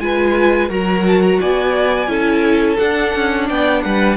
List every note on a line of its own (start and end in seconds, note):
0.00 0.70 G#3
0.00 0.70 F4
0.00 0.69 B4
0.00 0.70 G#5
0.69 1.40 F#3
0.69 2.08 F#4
0.69 1.39 A#4
0.69 1.06 A#5
1.08 1.23 A5
1.23 1.40 A#5
1.41 2.08 B3
1.41 2.10 D5
1.41 2.78 G#5
2.08 2.78 C#4
2.08 2.77 E4
2.08 3.48 A4
2.78 4.18 D4
2.78 3.15 D4
2.78 3.48 F#5
3.16 3.50 C#4
3.48 3.85 B3
3.48 3.83 D5
3.48 3.82 G5
3.82 4.18 G3
3.82 4.18 B4
3.82 4.17 F#5